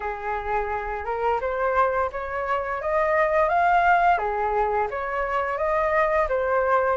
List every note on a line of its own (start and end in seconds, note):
0.00 1.05 G#4
1.05 1.40 A#4
1.40 2.10 C5
2.12 2.81 C#5
2.81 3.48 D#5
3.48 4.18 F5
4.18 4.87 G#4
4.90 5.57 C#5
5.57 6.27 D#5
6.29 6.96 C5